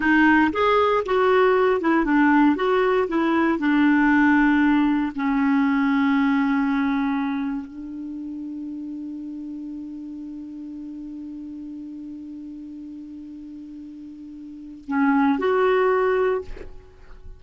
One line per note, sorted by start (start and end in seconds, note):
0.00 0.51 D#4
0.52 1.03 G#4
1.05 1.80 F#4
1.80 2.04 E4
2.04 2.56 D4
2.56 3.07 F#4
3.07 3.58 E4
3.58 5.12 D4
5.15 7.66 C#4
7.66 14.84 D4
14.87 15.38 C#4
15.38 16.41 F#4